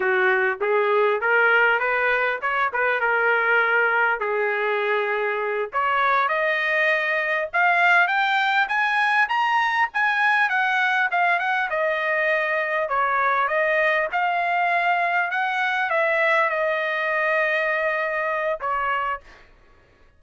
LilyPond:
\new Staff \with { instrumentName = "trumpet" } { \time 4/4 \tempo 4 = 100 fis'4 gis'4 ais'4 b'4 | cis''8 b'8 ais'2 gis'4~ | gis'4. cis''4 dis''4.~ | dis''8 f''4 g''4 gis''4 ais''8~ |
ais''8 gis''4 fis''4 f''8 fis''8 dis''8~ | dis''4. cis''4 dis''4 f''8~ | f''4. fis''4 e''4 dis''8~ | dis''2. cis''4 | }